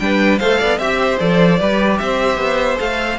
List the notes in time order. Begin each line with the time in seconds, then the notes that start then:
0.00 G3 D4 B4 G5
0.39 A3 A4 C5 F5
0.59 B3 D5
0.78 C4 G4 E5
1.00 C5
1.20 F3 A4 D5
1.60 G3 G4 B4
1.99 C4 C5 E5
2.38 B3
2.76 A3 A4 F5